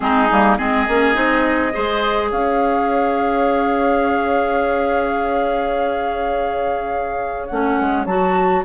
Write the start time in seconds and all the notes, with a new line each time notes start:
0.00 G#3 C4 D#4 G#4
0.31 G3 A#3
0.56 G#3 C4 G#4 D#5
0.88 A#3 C#4
1.14 C4 D#4
1.72 G#3 G#4 C5
2.30 C#4 C#5 F5
7.47 A3 C#4 F#5
7.80 G#3
8.05 F#3 F#4 A5